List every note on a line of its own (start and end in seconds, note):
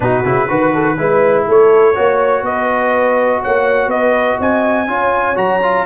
0.00 0.24 B2
0.00 0.24 D#4
0.00 0.48 F#4
0.00 1.44 B4
0.24 0.49 C#3
0.24 0.48 E4
0.48 0.98 D#3
0.48 0.97 F#4
0.48 0.72 B4
0.73 0.98 A4
0.97 1.46 G#3
0.97 1.94 E4
0.97 1.47 B4
1.47 1.97 A3
1.47 1.95 A4
1.47 2.44 C#5
1.94 2.41 A#3
1.94 4.87 F#4
1.94 2.43 C#5
2.41 3.39 B3
2.41 3.41 B4
2.41 3.42 D#5
3.41 3.87 A#3
3.41 3.90 C#5
3.41 3.89 F#5
3.87 4.35 B3
3.87 4.38 B4
3.87 4.38 D#5
4.38 4.87 C4
4.38 4.87 D#5
4.38 5.37 G#5
4.87 5.36 C#4
4.87 5.35 F4
4.87 5.85 C#5
5.35 5.85 F#3
5.35 5.59 F#4
5.35 5.85 A#5
5.62 5.85 F4